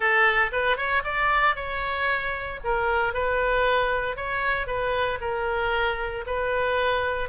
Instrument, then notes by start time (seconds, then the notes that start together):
oboe
0.00 A4
0.52 B4
0.76 C#5
1.04 D5
1.55 C#5
2.64 A#4
3.13 B4
4.16 C#5
4.66 B4
5.20 A#4
6.26 B4